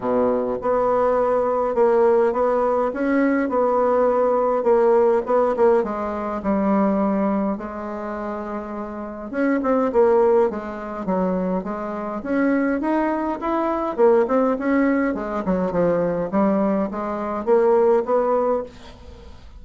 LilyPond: \new Staff \with { instrumentName = "bassoon" } { \time 4/4 \tempo 4 = 103 b,4 b2 ais4 | b4 cis'4 b2 | ais4 b8 ais8 gis4 g4~ | g4 gis2. |
cis'8 c'8 ais4 gis4 fis4 | gis4 cis'4 dis'4 e'4 | ais8 c'8 cis'4 gis8 fis8 f4 | g4 gis4 ais4 b4 | }